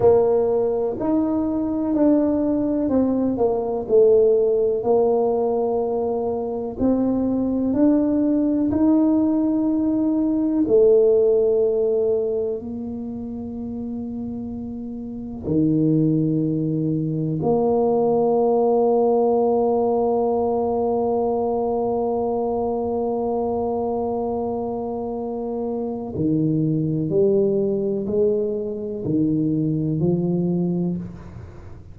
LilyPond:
\new Staff \with { instrumentName = "tuba" } { \time 4/4 \tempo 4 = 62 ais4 dis'4 d'4 c'8 ais8 | a4 ais2 c'4 | d'4 dis'2 a4~ | a4 ais2. |
dis2 ais2~ | ais1~ | ais2. dis4 | g4 gis4 dis4 f4 | }